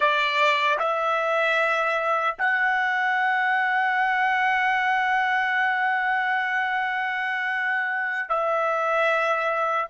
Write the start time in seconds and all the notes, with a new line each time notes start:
0.00 D5
0.78 E5
2.38 F#5
8.29 E5